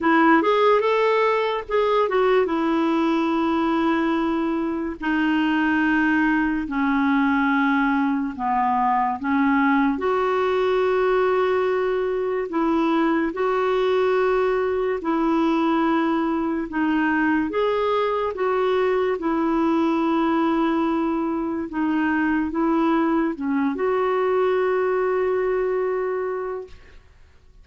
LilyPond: \new Staff \with { instrumentName = "clarinet" } { \time 4/4 \tempo 4 = 72 e'8 gis'8 a'4 gis'8 fis'8 e'4~ | e'2 dis'2 | cis'2 b4 cis'4 | fis'2. e'4 |
fis'2 e'2 | dis'4 gis'4 fis'4 e'4~ | e'2 dis'4 e'4 | cis'8 fis'2.~ fis'8 | }